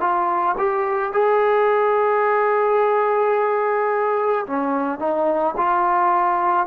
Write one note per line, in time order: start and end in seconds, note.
0.00 0.56 F4
0.58 1.12 G4
1.12 4.45 G#4
4.46 4.99 C#4
4.99 5.55 D#4
5.57 6.67 F4